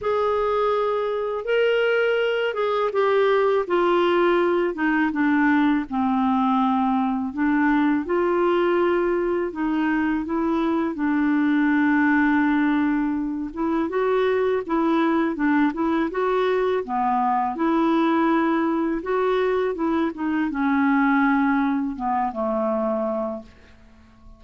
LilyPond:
\new Staff \with { instrumentName = "clarinet" } { \time 4/4 \tempo 4 = 82 gis'2 ais'4. gis'8 | g'4 f'4. dis'8 d'4 | c'2 d'4 f'4~ | f'4 dis'4 e'4 d'4~ |
d'2~ d'8 e'8 fis'4 | e'4 d'8 e'8 fis'4 b4 | e'2 fis'4 e'8 dis'8 | cis'2 b8 a4. | }